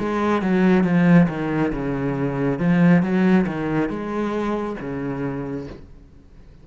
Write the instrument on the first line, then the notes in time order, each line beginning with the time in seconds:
cello
0.00 G#3
0.42 F#3
0.84 F3
1.29 D#3
1.73 C#3
2.60 F3
3.03 F#3
3.47 D#3
3.90 G#3
4.81 C#3